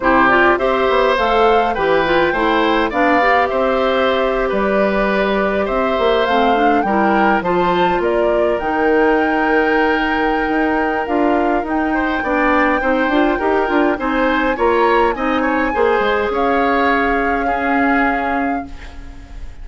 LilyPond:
<<
  \new Staff \with { instrumentName = "flute" } { \time 4/4 \tempo 4 = 103 c''8 d''8 e''4 f''4 g''4~ | g''4 f''4 e''4.~ e''16 d''16~ | d''4.~ d''16 e''4 f''4 g''16~ | g''8. a''4 d''4 g''4~ g''16~ |
g''2. f''4 | g''1 | gis''4 ais''4 gis''2 | f''1 | }
  \new Staff \with { instrumentName = "oboe" } { \time 4/4 g'4 c''2 b'4 | c''4 d''4 c''4.~ c''16 b'16~ | b'4.~ b'16 c''2 ais'16~ | ais'8. c''4 ais'2~ ais'16~ |
ais'1~ | ais'8 c''8 d''4 c''4 ais'4 | c''4 cis''4 dis''8 cis''8 c''4 | cis''2 gis'2 | }
  \new Staff \with { instrumentName = "clarinet" } { \time 4/4 e'8 f'8 g'4 a'4 g'8 f'8 | e'4 d'8 g'2~ g'8~ | g'2~ g'8. c'8 d'8 e'16~ | e'8. f'2 dis'4~ dis'16~ |
dis'2. f'4 | dis'4 d'4 dis'8 f'8 g'8 f'8 | dis'4 f'4 dis'4 gis'4~ | gis'2 cis'2 | }
  \new Staff \with { instrumentName = "bassoon" } { \time 4/4 c4 c'8 b8 a4 e4 | a4 b4 c'4.~ c'16 g16~ | g4.~ g16 c'8 ais8 a4 g16~ | g8. f4 ais4 dis4~ dis16~ |
dis2 dis'4 d'4 | dis'4 b4 c'8 d'8 dis'8 d'8 | c'4 ais4 c'4 ais8 gis8 | cis'1 | }
>>